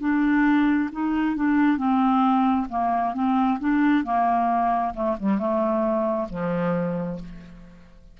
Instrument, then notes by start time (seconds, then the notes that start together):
clarinet
0.00 D4
0.92 D#4
1.36 D4
1.77 C4
2.69 A#3
3.14 C4
3.59 D4
4.04 A#3
4.94 A3
5.19 G3
5.39 A3
6.30 F3